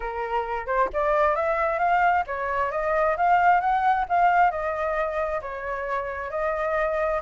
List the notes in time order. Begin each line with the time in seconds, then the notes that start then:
0.00 A#4
0.66 C5
0.93 D5
1.35 E5
1.78 F5
2.26 C#5
2.71 D#5
3.16 F5
3.60 F#5
4.08 F5
4.50 D#5
5.41 C#5
6.30 D#5